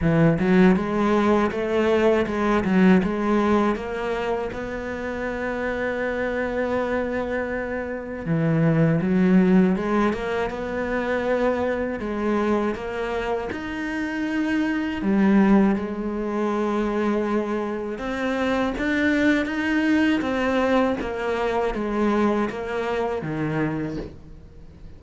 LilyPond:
\new Staff \with { instrumentName = "cello" } { \time 4/4 \tempo 4 = 80 e8 fis8 gis4 a4 gis8 fis8 | gis4 ais4 b2~ | b2. e4 | fis4 gis8 ais8 b2 |
gis4 ais4 dis'2 | g4 gis2. | c'4 d'4 dis'4 c'4 | ais4 gis4 ais4 dis4 | }